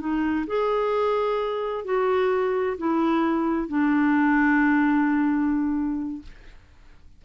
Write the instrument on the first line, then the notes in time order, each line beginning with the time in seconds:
clarinet
0.00 D#4
0.47 G#4
1.85 F#4
2.78 E4
3.69 D4